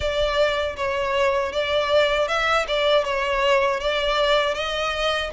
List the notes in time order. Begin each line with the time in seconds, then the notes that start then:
0.00 D5
0.76 C#5
1.52 D5
2.28 E5
2.67 D5
3.04 C#5
3.80 D5
4.54 D#5